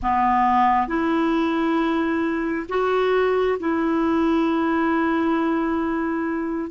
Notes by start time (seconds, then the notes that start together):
0.02 B3
0.87 E4
2.69 F#4
3.59 E4